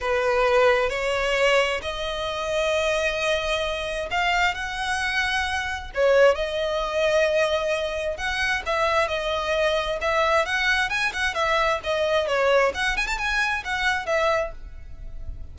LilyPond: \new Staff \with { instrumentName = "violin" } { \time 4/4 \tempo 4 = 132 b'2 cis''2 | dis''1~ | dis''4 f''4 fis''2~ | fis''4 cis''4 dis''2~ |
dis''2 fis''4 e''4 | dis''2 e''4 fis''4 | gis''8 fis''8 e''4 dis''4 cis''4 | fis''8 gis''16 a''16 gis''4 fis''4 e''4 | }